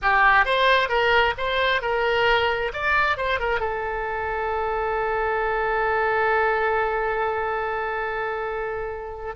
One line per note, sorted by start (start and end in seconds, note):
0.02 0.45 G4
0.45 0.89 C5
0.89 1.34 A#4
1.37 1.81 C5
1.81 2.71 A#4
2.73 3.17 D5
3.17 3.39 C5
3.39 3.60 A#4
3.60 9.35 A4